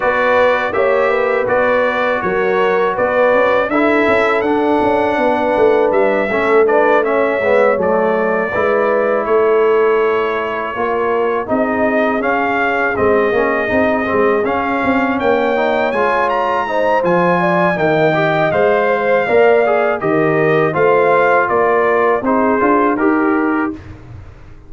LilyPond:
<<
  \new Staff \with { instrumentName = "trumpet" } { \time 4/4 \tempo 4 = 81 d''4 e''4 d''4 cis''4 | d''4 e''4 fis''2 | e''4 d''8 e''4 d''4.~ | d''8 cis''2. dis''8~ |
dis''8 f''4 dis''2 f''8~ | f''8 g''4 gis''8 ais''4 gis''4 | g''4 f''2 dis''4 | f''4 d''4 c''4 ais'4 | }
  \new Staff \with { instrumentName = "horn" } { \time 4/4 b'4 cis''8 b'4. ais'4 | b'4 a'2 b'4~ | b'8 a'8 b'8 cis''2 b'8~ | b'8 a'2 ais'4 gis'8~ |
gis'1~ | gis'8 cis''2 c''4 d''8 | dis''4. c''8 d''4 ais'4 | c''4 ais'4 gis'4 g'4 | }
  \new Staff \with { instrumentName = "trombone" } { \time 4/4 fis'4 g'4 fis'2~ | fis'4 e'4 d'2~ | d'8 cis'8 d'8 cis'8 b8 a4 e'8~ | e'2~ e'8 f'4 dis'8~ |
dis'8 cis'4 c'8 cis'8 dis'8 c'8 cis'8~ | cis'4 dis'8 f'4 dis'8 f'4 | ais8 g'8 c''4 ais'8 gis'8 g'4 | f'2 dis'8 f'8 g'4 | }
  \new Staff \with { instrumentName = "tuba" } { \time 4/4 b4 ais4 b4 fis4 | b8 cis'8 d'8 cis'8 d'8 cis'8 b8 a8 | g8 a4. gis8 fis4 gis8~ | gis8 a2 ais4 c'8~ |
c'8 cis'4 gis8 ais8 c'8 gis8 cis'8 | c'8 ais4 gis4. f4 | dis4 gis4 ais4 dis4 | a4 ais4 c'8 d'8 dis'4 | }
>>